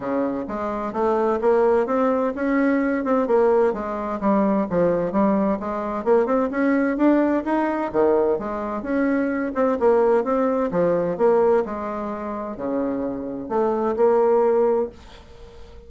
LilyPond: \new Staff \with { instrumentName = "bassoon" } { \time 4/4 \tempo 4 = 129 cis4 gis4 a4 ais4 | c'4 cis'4. c'8 ais4 | gis4 g4 f4 g4 | gis4 ais8 c'8 cis'4 d'4 |
dis'4 dis4 gis4 cis'4~ | cis'8 c'8 ais4 c'4 f4 | ais4 gis2 cis4~ | cis4 a4 ais2 | }